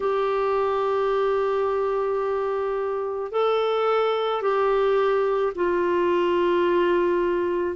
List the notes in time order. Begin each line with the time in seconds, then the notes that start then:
0.00 G4
3.31 A4
4.41 G4
5.55 F4